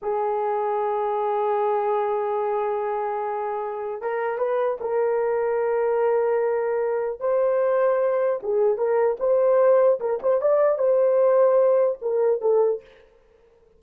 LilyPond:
\new Staff \with { instrumentName = "horn" } { \time 4/4 \tempo 4 = 150 gis'1~ | gis'1~ | gis'2 ais'4 b'4 | ais'1~ |
ais'2 c''2~ | c''4 gis'4 ais'4 c''4~ | c''4 ais'8 c''8 d''4 c''4~ | c''2 ais'4 a'4 | }